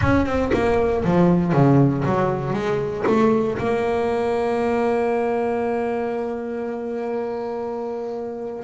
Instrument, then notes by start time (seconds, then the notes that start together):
double bass
0.01 C#4
0.25 C4
0.53 A#3
1.04 F3
1.53 C#3
2.05 F#3
2.53 G#3
3.06 A3
3.58 A#3